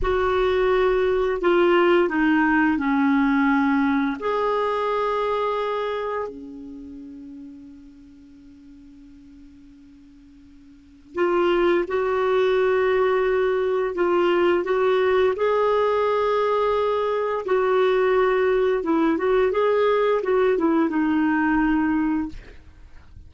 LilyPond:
\new Staff \with { instrumentName = "clarinet" } { \time 4/4 \tempo 4 = 86 fis'2 f'4 dis'4 | cis'2 gis'2~ | gis'4 cis'2.~ | cis'1 |
f'4 fis'2. | f'4 fis'4 gis'2~ | gis'4 fis'2 e'8 fis'8 | gis'4 fis'8 e'8 dis'2 | }